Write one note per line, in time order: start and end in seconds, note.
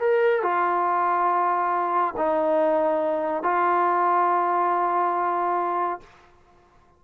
0.00 0.43 A#4
0.43 2.14 F4
2.17 3.43 D#4
3.43 6.00 F4